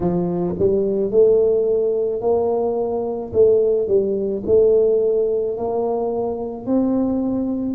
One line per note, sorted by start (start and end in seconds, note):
0.00 0.55 F3
0.58 1.11 G3
1.11 2.21 A3
2.21 3.32 A#3
3.33 3.87 A3
3.87 4.43 G3
4.45 5.57 A3
5.57 6.66 A#3
6.66 7.75 C4